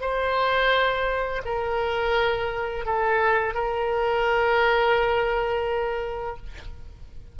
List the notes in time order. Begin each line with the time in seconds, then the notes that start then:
0.00 C5
1.44 A#4
2.85 A4
3.54 A#4